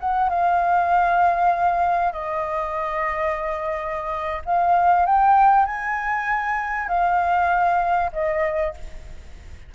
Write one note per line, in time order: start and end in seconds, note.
0.00 0.29 F#5
0.29 2.13 F5
2.13 4.42 D#5
4.45 5.06 F5
5.06 5.66 G5
5.66 6.88 G#5
6.88 8.11 F5
8.13 8.74 D#5